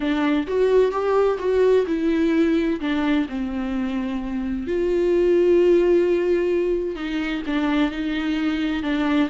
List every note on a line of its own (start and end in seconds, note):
0.00 0.47 D4
0.47 0.91 F#4
0.91 1.38 G4
1.38 1.85 F#4
1.86 2.79 E4
2.80 3.26 D4
3.29 4.67 C4
4.67 6.95 F4
6.95 7.42 D#4
7.46 7.91 D4
7.91 8.82 D#4
8.82 9.29 D4